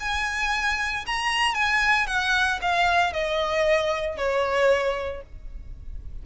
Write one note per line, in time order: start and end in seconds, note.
0.00 1.05 G#5
1.06 1.54 A#5
1.54 2.07 G#5
2.07 2.60 F#5
2.62 3.13 F5
3.13 4.17 D#5
4.17 5.22 C#5